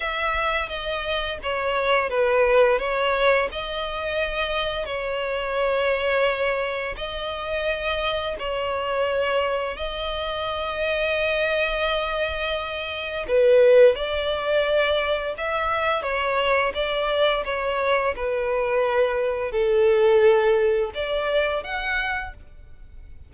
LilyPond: \new Staff \with { instrumentName = "violin" } { \time 4/4 \tempo 4 = 86 e''4 dis''4 cis''4 b'4 | cis''4 dis''2 cis''4~ | cis''2 dis''2 | cis''2 dis''2~ |
dis''2. b'4 | d''2 e''4 cis''4 | d''4 cis''4 b'2 | a'2 d''4 fis''4 | }